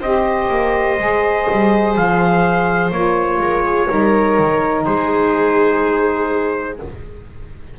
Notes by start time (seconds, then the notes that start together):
0.00 C4 G4 C5 D#5
0.49 A#3
0.98 G#3 G#4
1.51 G3
1.96 F3 F5
2.91 A#3 F4 C#5
3.39 G#3 A#4
3.65 G#4
3.88 G3 D#4 A#4
4.38 D#3
4.84 G#3 G#4 C5